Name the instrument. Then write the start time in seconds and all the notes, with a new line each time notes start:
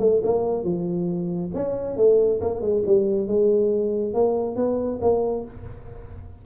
tuba
0.00 A3
0.24 A#3
0.64 F3
1.55 C#4
1.97 A3
2.41 A#3
2.61 G#3
2.87 G3
3.28 G#3
4.14 A#3
4.56 B3
5.02 A#3